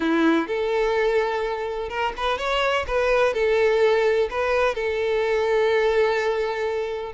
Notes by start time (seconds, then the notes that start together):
0.00 E4
0.47 A4
1.89 A#4
2.17 B4
2.37 C#5
2.87 B4
3.33 A4
4.30 B4
4.74 A4